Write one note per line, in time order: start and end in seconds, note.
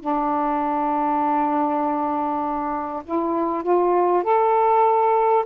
0.00 3.03 D4
3.05 3.63 E4
3.63 4.23 F4
4.23 5.44 A4